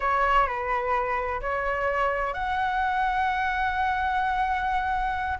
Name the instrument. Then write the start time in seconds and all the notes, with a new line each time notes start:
flute
0.00 C#5
0.47 B4
1.41 C#5
2.33 F#5